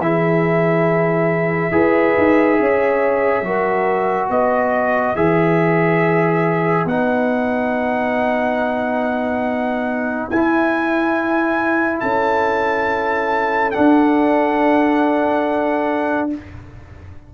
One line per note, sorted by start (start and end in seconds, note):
0.00 1.71 E3
0.00 1.72 E4
0.00 1.74 G#4
0.00 4.30 E5
1.72 2.15 E4
1.72 3.44 G#4
1.72 2.59 B4
2.18 2.60 D#4
2.60 3.43 C#4
2.60 3.46 C#5
3.43 4.28 F#3
3.43 5.16 F#4
3.43 4.31 A#4
4.30 5.16 B3
4.30 12.02 B4
4.30 5.16 D#5
5.16 6.86 E3
5.16 6.87 G#4
5.16 6.88 E5
6.86 10.28 B3
6.86 10.32 D#4
6.86 10.30 F#5
10.30 12.02 E4
10.30 13.74 E4
10.30 12.00 G#5
12.00 13.74 C#4
12.00 16.30 A4
12.00 13.71 A5
13.71 16.31 D4
13.71 16.29 F#5
13.78 16.35 D4